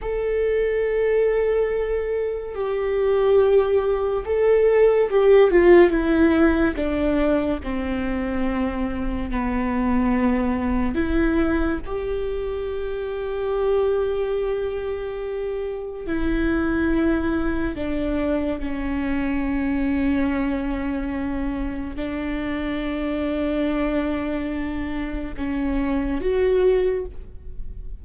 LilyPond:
\new Staff \with { instrumentName = "viola" } { \time 4/4 \tempo 4 = 71 a'2. g'4~ | g'4 a'4 g'8 f'8 e'4 | d'4 c'2 b4~ | b4 e'4 g'2~ |
g'2. e'4~ | e'4 d'4 cis'2~ | cis'2 d'2~ | d'2 cis'4 fis'4 | }